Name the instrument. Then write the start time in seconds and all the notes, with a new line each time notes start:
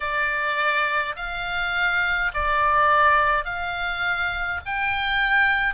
oboe
0.00 D5
1.15 F5
2.33 D5
3.45 F5
4.65 G5